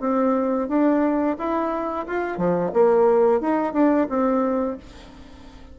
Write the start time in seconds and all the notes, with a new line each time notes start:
0.00 C4
0.68 D4
1.38 E4
2.07 F4
2.38 F3
2.73 A#3
3.41 D#4
3.73 D4
4.09 C4